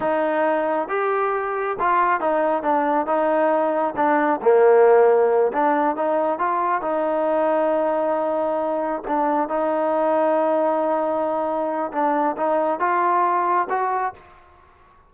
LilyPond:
\new Staff \with { instrumentName = "trombone" } { \time 4/4 \tempo 4 = 136 dis'2 g'2 | f'4 dis'4 d'4 dis'4~ | dis'4 d'4 ais2~ | ais8 d'4 dis'4 f'4 dis'8~ |
dis'1~ | dis'8 d'4 dis'2~ dis'8~ | dis'2. d'4 | dis'4 f'2 fis'4 | }